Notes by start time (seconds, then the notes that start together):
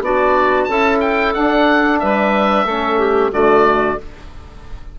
0.00 B3 D4 F#4 D5
0.64 C#4 A4 A5
0.71 E4
1.00 G5
1.34 D4 F#5
1.99 G3 B4 E5
2.64 A3 C#4 A4
2.99 G4
3.32 D3 A3 F#4 D5